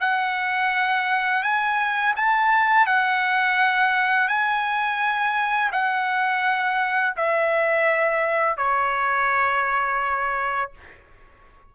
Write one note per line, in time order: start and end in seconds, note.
0.00 1.42 F#5
1.42 2.14 G#5
2.16 2.86 A5
2.86 4.28 F#5
4.28 5.70 G#5
5.71 7.14 F#5
7.16 8.57 E5
8.57 10.71 C#5